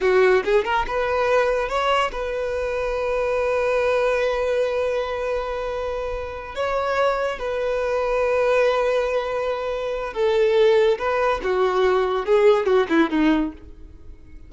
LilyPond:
\new Staff \with { instrumentName = "violin" } { \time 4/4 \tempo 4 = 142 fis'4 gis'8 ais'8 b'2 | cis''4 b'2.~ | b'1~ | b'2.~ b'8 cis''8~ |
cis''4. b'2~ b'8~ | b'1 | a'2 b'4 fis'4~ | fis'4 gis'4 fis'8 e'8 dis'4 | }